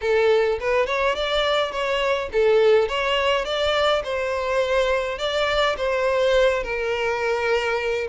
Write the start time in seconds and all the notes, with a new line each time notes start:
0.01 A4
0.60 B4
0.86 C#5
1.15 D5
1.71 C#5
2.32 A4
2.88 C#5
3.44 D5
4.04 C5
5.18 D5
5.77 C5
6.63 A#4